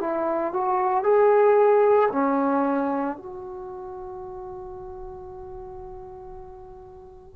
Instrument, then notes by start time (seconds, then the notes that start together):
trombone
0.00 E4
0.53 F#4
1.03 G#4
2.11 C#4
3.17 F#4